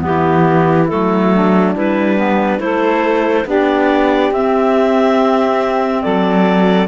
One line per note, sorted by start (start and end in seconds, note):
0.00 0.91 E3
0.00 0.86 B3
0.00 1.33 E4
0.00 0.88 G4
0.88 1.75 F#3
0.88 1.75 A3
0.88 1.74 A4
1.33 2.62 D4
1.75 2.59 G3
1.75 2.17 E4
1.75 2.60 B4
2.17 2.58 B3
2.58 3.45 A3
2.58 3.44 E4
2.58 3.46 A4
2.58 3.46 C5
3.45 4.31 B3
3.45 4.33 D4
3.45 6.02 G4
3.45 4.33 D5
4.31 6.02 C4
4.31 6.87 C4
4.31 6.02 E5
6.02 6.87 F#3
6.02 6.87 A4
6.02 6.87 D5